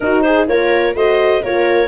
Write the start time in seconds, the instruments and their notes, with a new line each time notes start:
0.00 horn D#4, tuba D#4, viola F#4, clarinet A#4
0.22 viola G#4, clarinet C5
0.47 tuba A#3, horn F4, viola A#4, clarinet C#5
0.94 tuba A3, horn F#4, viola C5, clarinet D#5
1.42 tuba A#3, horn F4, viola A#4, clarinet C#5